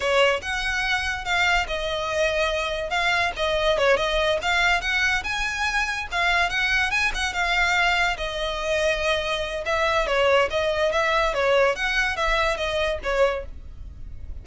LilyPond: \new Staff \with { instrumentName = "violin" } { \time 4/4 \tempo 4 = 143 cis''4 fis''2 f''4 | dis''2. f''4 | dis''4 cis''8 dis''4 f''4 fis''8~ | fis''8 gis''2 f''4 fis''8~ |
fis''8 gis''8 fis''8 f''2 dis''8~ | dis''2. e''4 | cis''4 dis''4 e''4 cis''4 | fis''4 e''4 dis''4 cis''4 | }